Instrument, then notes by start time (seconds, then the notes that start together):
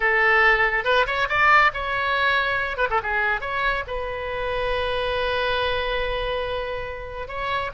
oboe
0.00 A4
0.84 B4
1.06 C#5
1.29 D5
1.73 C#5
2.77 B4
2.89 A4
3.02 G#4
3.40 C#5
3.87 B4
7.28 C#5